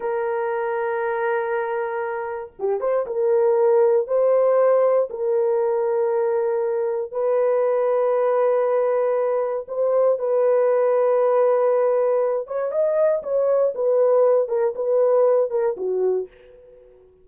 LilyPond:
\new Staff \with { instrumentName = "horn" } { \time 4/4 \tempo 4 = 118 ais'1~ | ais'4 g'8 c''8 ais'2 | c''2 ais'2~ | ais'2 b'2~ |
b'2. c''4 | b'1~ | b'8 cis''8 dis''4 cis''4 b'4~ | b'8 ais'8 b'4. ais'8 fis'4 | }